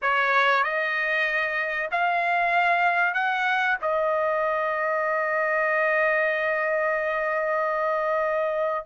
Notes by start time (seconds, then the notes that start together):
0.02 C#5
0.63 D#5
1.91 F5
3.13 F#5
3.81 D#5